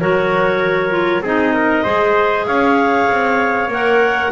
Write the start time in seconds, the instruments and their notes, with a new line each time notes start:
0.00 double bass F#3, clarinet F#4 C#5, trumpet A#4
0.90 clarinet F4
1.21 double bass C4, clarinet D#4 D#5, trumpet G#4
1.54 trumpet A#4
1.84 double bass G#3, clarinet G#4, trumpet C5
2.46 double bass C#4, trumpet C#5, clarinet F5
3.10 double bass C4
3.68 double bass A#3, clarinet A#4 F#5